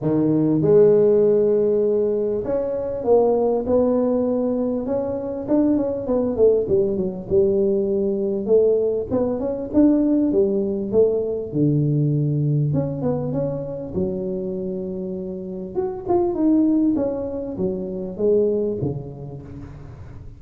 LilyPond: \new Staff \with { instrumentName = "tuba" } { \time 4/4 \tempo 4 = 99 dis4 gis2. | cis'4 ais4 b2 | cis'4 d'8 cis'8 b8 a8 g8 fis8 | g2 a4 b8 cis'8 |
d'4 g4 a4 d4~ | d4 cis'8 b8 cis'4 fis4~ | fis2 fis'8 f'8 dis'4 | cis'4 fis4 gis4 cis4 | }